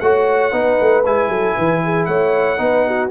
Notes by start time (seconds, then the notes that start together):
0.00 A3 F#4 C#5 F#5
0.52 B3 D#4 B4
0.80 A3
1.05 G#3 E4 G#5
1.29 F#3 A4
1.55 E3 B4
1.84 G#4
2.05 A3 C#5 F#5
2.57 B3 D#4 B4
2.87 F#4